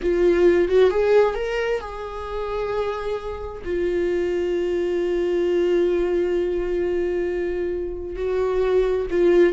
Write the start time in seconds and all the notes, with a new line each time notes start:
0.02 F4
0.68 F#4
0.90 G#4
1.35 A#4
1.80 G#4
3.64 F4
8.15 F#4
9.10 F4